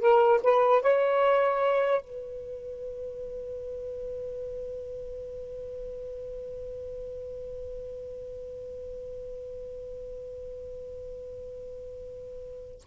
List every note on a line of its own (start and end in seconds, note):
0.00 0.40 A#4
0.43 0.82 B4
0.82 2.01 C#5
2.01 12.81 B4